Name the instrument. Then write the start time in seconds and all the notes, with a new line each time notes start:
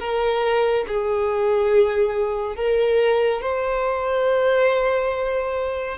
violin
0.00 A#4
0.88 G#4
2.56 A#4
3.42 C5